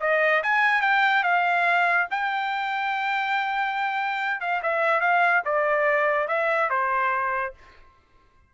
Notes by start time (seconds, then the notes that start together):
0.00 D#5
0.43 G#5
0.81 G5
1.23 F5
2.11 G5
4.40 F5
4.62 E5
5.01 F5
5.45 D5
6.28 E5
6.70 C5